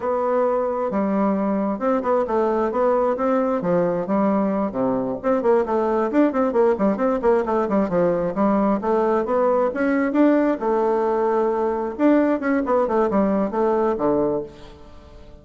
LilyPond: \new Staff \with { instrumentName = "bassoon" } { \time 4/4 \tempo 4 = 133 b2 g2 | c'8 b8 a4 b4 c'4 | f4 g4. c4 c'8 | ais8 a4 d'8 c'8 ais8 g8 c'8 |
ais8 a8 g8 f4 g4 a8~ | a8 b4 cis'4 d'4 a8~ | a2~ a8 d'4 cis'8 | b8 a8 g4 a4 d4 | }